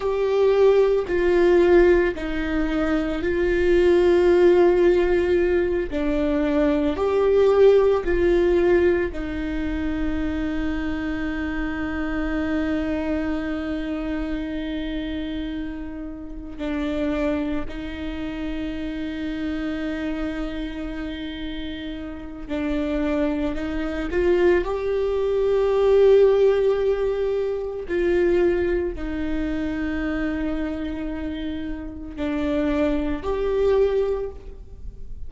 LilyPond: \new Staff \with { instrumentName = "viola" } { \time 4/4 \tempo 4 = 56 g'4 f'4 dis'4 f'4~ | f'4. d'4 g'4 f'8~ | f'8 dis'2.~ dis'8~ | dis'2.~ dis'8 d'8~ |
d'8 dis'2.~ dis'8~ | dis'4 d'4 dis'8 f'8 g'4~ | g'2 f'4 dis'4~ | dis'2 d'4 g'4 | }